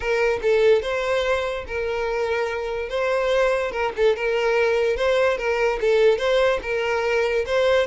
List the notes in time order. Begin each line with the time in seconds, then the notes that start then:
0.00 A#4
0.41 A4
0.82 C5
1.67 A#4
2.89 C5
3.71 A#4
3.96 A4
4.15 A#4
4.96 C5
5.37 A#4
5.80 A4
6.18 C5
6.62 A#4
7.46 C5